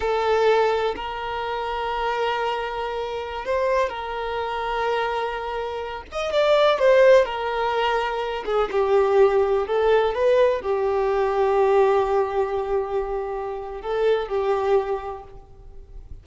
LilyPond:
\new Staff \with { instrumentName = "violin" } { \time 4/4 \tempo 4 = 126 a'2 ais'2~ | ais'2.~ ais'16 c''8.~ | c''16 ais'2.~ ais'8.~ | ais'8. dis''8 d''4 c''4 ais'8.~ |
ais'4.~ ais'16 gis'8 g'4.~ g'16~ | g'16 a'4 b'4 g'4.~ g'16~ | g'1~ | g'4 a'4 g'2 | }